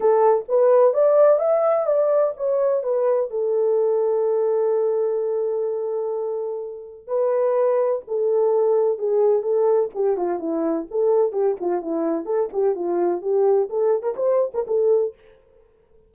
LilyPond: \new Staff \with { instrumentName = "horn" } { \time 4/4 \tempo 4 = 127 a'4 b'4 d''4 e''4 | d''4 cis''4 b'4 a'4~ | a'1~ | a'2. b'4~ |
b'4 a'2 gis'4 | a'4 g'8 f'8 e'4 a'4 | g'8 f'8 e'4 a'8 g'8 f'4 | g'4 a'8. ais'16 c''8. ais'16 a'4 | }